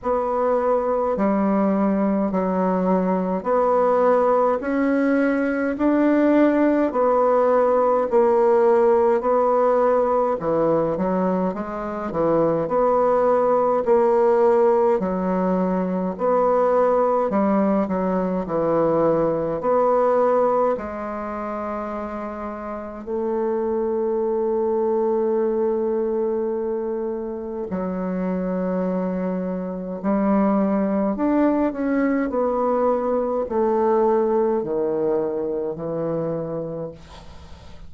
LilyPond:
\new Staff \with { instrumentName = "bassoon" } { \time 4/4 \tempo 4 = 52 b4 g4 fis4 b4 | cis'4 d'4 b4 ais4 | b4 e8 fis8 gis8 e8 b4 | ais4 fis4 b4 g8 fis8 |
e4 b4 gis2 | a1 | fis2 g4 d'8 cis'8 | b4 a4 dis4 e4 | }